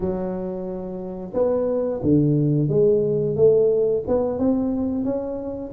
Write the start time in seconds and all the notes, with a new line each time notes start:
0.00 F#3
1.33 B3
2.02 D3
2.68 G#3
3.36 A3
4.07 B3
4.38 C4
5.04 C#4